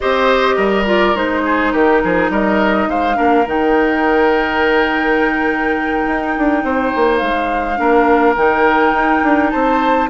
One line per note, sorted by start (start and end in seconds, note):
0.00 0.57 C4
0.00 0.85 G4
0.00 0.55 C5
0.00 0.86 D#5
0.55 1.14 G3
0.55 1.42 A#4
0.85 1.14 F4
0.85 1.16 D5
1.15 1.73 G#3
1.15 3.15 D#4
1.15 1.72 C5
1.45 1.72 G#4
1.72 2.02 D#3
1.72 2.01 G4
1.72 2.30 A#4
2.03 2.30 F3
2.03 2.31 G#4
2.30 2.87 G3
2.30 2.88 A#4
2.30 2.89 D#5
2.87 3.16 G#3
2.87 3.16 C5
2.87 3.47 F5
3.15 3.46 A#3
3.15 3.44 D4
3.15 6.62 A#4
3.46 6.06 D#3
3.46 7.77 D#4
3.46 7.18 G5
6.06 6.35 D#4
6.37 6.63 D4
6.63 6.92 C4
6.63 7.79 C5
6.95 7.21 A#3
7.18 7.78 G#3
7.18 8.33 F5
7.77 8.36 A#3
7.77 8.34 D4
7.77 9.52 A#4
8.36 8.92 D#3
8.36 10.09 D#4
8.36 9.50 G5
8.92 9.21 D#4
9.23 9.52 D4
9.50 10.09 C4
9.50 10.09 C5
9.50 10.07 A5